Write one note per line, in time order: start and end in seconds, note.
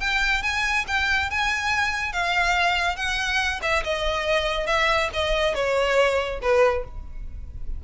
0.00 0.42 G5
0.42 0.85 G#5
0.87 1.30 G5
1.30 2.13 G#5
2.13 2.96 F5
2.96 3.60 F#5
3.62 3.83 E5
3.84 4.67 D#5
4.67 5.09 E5
5.13 5.55 D#5
5.55 6.40 C#5
6.42 6.84 B4